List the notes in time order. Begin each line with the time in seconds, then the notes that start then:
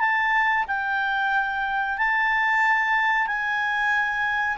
0.00 A5
0.67 G5
1.98 A5
3.27 G#5